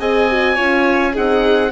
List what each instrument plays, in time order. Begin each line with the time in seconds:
0.00 bassoon C4, horn G#4, violin D#5, oboe G#5
0.29 horn F#4
0.55 bassoon C#4, horn F4, violin C#5
1.13 bassoon C4, horn D#4, violin G#4, oboe F#5